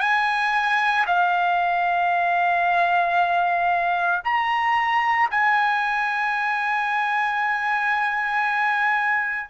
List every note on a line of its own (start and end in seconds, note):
0.00 1.05 G#5
1.06 4.22 F5
4.24 5.29 A#5
5.30 9.49 G#5